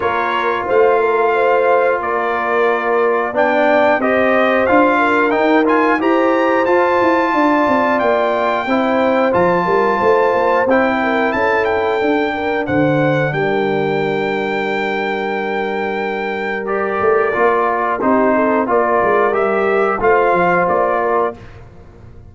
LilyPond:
<<
  \new Staff \with { instrumentName = "trumpet" } { \time 4/4 \tempo 4 = 90 cis''4 f''2 d''4~ | d''4 g''4 dis''4 f''4 | g''8 gis''8 ais''4 a''2 | g''2 a''2 |
g''4 a''8 g''4. fis''4 | g''1~ | g''4 d''2 c''4 | d''4 e''4 f''4 d''4 | }
  \new Staff \with { instrumentName = "horn" } { \time 4/4 ais'4 c''8 ais'8 c''4 ais'4~ | ais'4 d''4 c''4. ais'8~ | ais'4 c''2 d''4~ | d''4 c''4. ais'8 c''4~ |
c''8 ais'8 a'4. ais'8 c''4 | ais'1~ | ais'2. g'8 a'8 | ais'2 c''4. ais'8 | }
  \new Staff \with { instrumentName = "trombone" } { \time 4/4 f'1~ | f'4 d'4 g'4 f'4 | dis'8 f'8 g'4 f'2~ | f'4 e'4 f'2 |
e'2 d'2~ | d'1~ | d'4 g'4 f'4 dis'4 | f'4 g'4 f'2 | }
  \new Staff \with { instrumentName = "tuba" } { \time 4/4 ais4 a2 ais4~ | ais4 b4 c'4 d'4 | dis'4 e'4 f'8 e'8 d'8 c'8 | ais4 c'4 f8 g8 a8 ais8 |
c'4 cis'4 d'4 d4 | g1~ | g4. a8 ais4 c'4 | ais8 gis8 g4 a8 f8 ais4 | }
>>